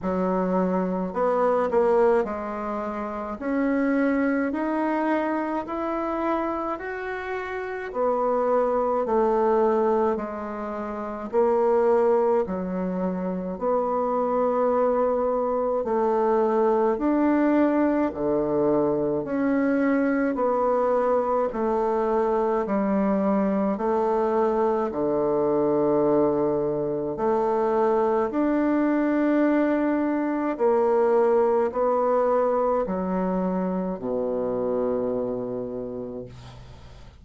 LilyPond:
\new Staff \with { instrumentName = "bassoon" } { \time 4/4 \tempo 4 = 53 fis4 b8 ais8 gis4 cis'4 | dis'4 e'4 fis'4 b4 | a4 gis4 ais4 fis4 | b2 a4 d'4 |
d4 cis'4 b4 a4 | g4 a4 d2 | a4 d'2 ais4 | b4 fis4 b,2 | }